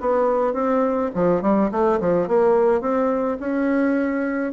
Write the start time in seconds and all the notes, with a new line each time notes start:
0.00 B3
0.54 C4
1.14 F3
1.42 G3
1.71 A3
2.00 F3
2.27 A#3
2.81 C4
3.40 C#4